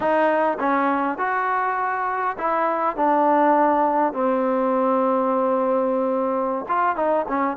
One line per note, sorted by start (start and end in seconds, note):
0.00 0.58 D#4
0.59 1.18 C#4
1.18 2.37 F#4
2.38 2.96 E4
2.96 4.13 D4
4.13 6.65 C4
6.68 6.95 F4
6.95 7.25 D#4
7.28 7.56 C#4